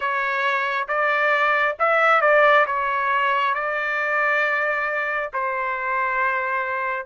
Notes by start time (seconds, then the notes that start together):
0.00 C#5
0.87 D5
1.79 E5
2.21 D5
2.66 C#5
3.54 D5
5.33 C5